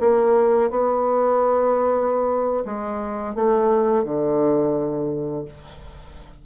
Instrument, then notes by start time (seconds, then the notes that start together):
bassoon
0.00 A#3
0.70 B3
2.65 G#3
3.35 A3
4.04 D3